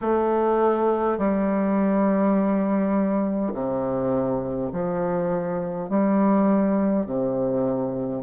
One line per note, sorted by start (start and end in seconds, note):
0.01 1.18 A3
1.18 3.53 G3
3.53 4.71 C3
4.72 5.89 F3
5.89 7.06 G3
7.06 8.22 C3